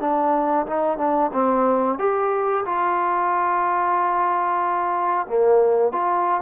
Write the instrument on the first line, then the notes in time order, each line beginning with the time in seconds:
trombone
0.00 D4
0.66 D#4
0.97 D4
1.33 C4
1.98 G4
2.65 F4
5.27 A#3
5.92 F4